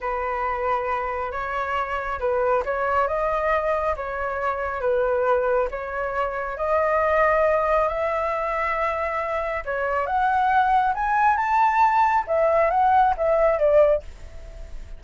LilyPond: \new Staff \with { instrumentName = "flute" } { \time 4/4 \tempo 4 = 137 b'2. cis''4~ | cis''4 b'4 cis''4 dis''4~ | dis''4 cis''2 b'4~ | b'4 cis''2 dis''4~ |
dis''2 e''2~ | e''2 cis''4 fis''4~ | fis''4 gis''4 a''2 | e''4 fis''4 e''4 d''4 | }